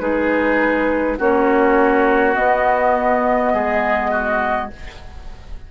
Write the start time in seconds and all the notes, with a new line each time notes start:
0.00 G#3 D#4 G#4 B4
1.19 A#3 C#4 F#4 C#5
2.35 B3 D#5
3.54 G#3 G#4
4.11 F#4